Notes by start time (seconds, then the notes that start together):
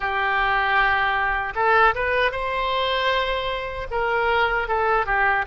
0.00 G4
1.55 A4
1.94 B4
2.31 C5
3.90 A#4
4.68 A4
5.06 G4